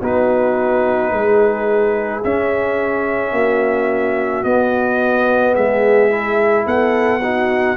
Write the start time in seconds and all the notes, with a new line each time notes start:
0.00 B3 D#4 F#4 B4
1.12 G#3 G#4
2.24 C#4 E5
3.32 A#3 F#4
4.44 B3 D#5
5.54 G#3 G#4 E5
6.10 E4
6.66 B3 A4 F#5
7.23 D#4 F#4